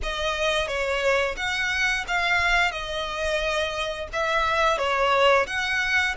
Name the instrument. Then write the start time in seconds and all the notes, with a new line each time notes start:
violin
0.02 D#5
0.67 C#5
1.36 F#5
2.07 F5
2.71 D#5
4.12 E5
4.78 C#5
5.47 F#5